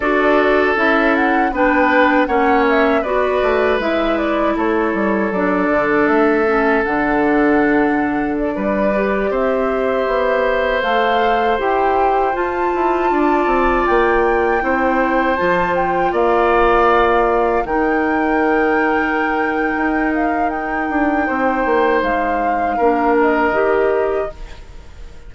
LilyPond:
<<
  \new Staff \with { instrumentName = "flute" } { \time 4/4 \tempo 4 = 79 d''4 e''8 fis''8 g''4 fis''8 e''8 | d''4 e''8 d''8 cis''4 d''4 | e''4 fis''2 d''4~ | d''16 e''2 f''4 g''8.~ |
g''16 a''2 g''4.~ g''16~ | g''16 a''8 g''8 f''2 g''8.~ | g''2~ g''8 f''8 g''4~ | g''4 f''4. dis''4. | }
  \new Staff \with { instrumentName = "oboe" } { \time 4/4 a'2 b'4 cis''4 | b'2 a'2~ | a'2.~ a'16 b'8.~ | b'16 c''2.~ c''8.~ |
c''4~ c''16 d''2 c''8.~ | c''4~ c''16 d''2 ais'8.~ | ais'1 | c''2 ais'2 | }
  \new Staff \with { instrumentName = "clarinet" } { \time 4/4 fis'4 e'4 d'4 cis'4 | fis'4 e'2 d'4~ | d'8 cis'8 d'2~ d'8. g'16~ | g'2~ g'16 a'4 g'8.~ |
g'16 f'2. e'8.~ | e'16 f'2. dis'8.~ | dis'1~ | dis'2 d'4 g'4 | }
  \new Staff \with { instrumentName = "bassoon" } { \time 4/4 d'4 cis'4 b4 ais4 | b8 a8 gis4 a8 g8 fis8 d8 | a4 d2~ d16 g8.~ | g16 c'4 b4 a4 e'8.~ |
e'16 f'8 e'8 d'8 c'8 ais4 c'8.~ | c'16 f4 ais2 dis8.~ | dis2 dis'4. d'8 | c'8 ais8 gis4 ais4 dis4 | }
>>